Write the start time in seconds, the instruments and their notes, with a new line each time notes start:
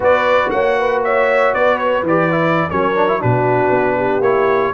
0.00 tuba B3, trombone F#4, horn B4, trumpet D5
0.50 tuba A#3, horn C#5, trumpet F#5
0.79 horn B4
1.04 horn C#5, trumpet E5
1.54 tuba B3, horn B4, trumpet D5
1.77 trumpet C#5
2.02 tuba E3, trombone G4, trumpet D5
2.30 trombone E4
2.70 tuba F#3, trombone C#4, horn A#4, trumpet C#5
2.95 trombone D4
3.08 trombone E4
3.19 tuba B2, trombone D4, horn F#4, trumpet B4
3.70 tuba B3
3.96 horn G4
4.20 tuba A#3, trombone E4, trumpet C#5